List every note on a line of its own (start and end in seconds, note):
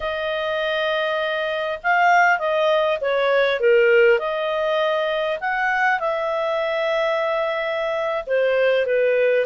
0.00 1.78 D#5
1.83 2.38 F5
2.38 2.98 D#5
3.00 3.59 C#5
3.59 4.18 A#4
4.18 5.38 D#5
5.40 5.99 F#5
5.99 8.24 E5
8.26 8.86 C5
8.86 9.45 B4